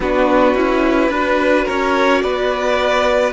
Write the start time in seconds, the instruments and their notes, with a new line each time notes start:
0.00 cello B3, viola D4, violin F#4 B4
0.54 cello C#4, viola E4
1.09 cello D4, viola F#4, violin B4
1.64 cello C#4, violin A#4 C#5
2.21 cello B3, violin B4 D5